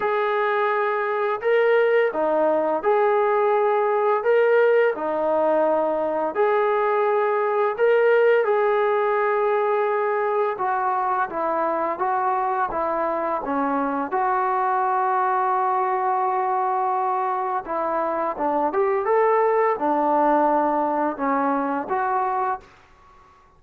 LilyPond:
\new Staff \with { instrumentName = "trombone" } { \time 4/4 \tempo 4 = 85 gis'2 ais'4 dis'4 | gis'2 ais'4 dis'4~ | dis'4 gis'2 ais'4 | gis'2. fis'4 |
e'4 fis'4 e'4 cis'4 | fis'1~ | fis'4 e'4 d'8 g'8 a'4 | d'2 cis'4 fis'4 | }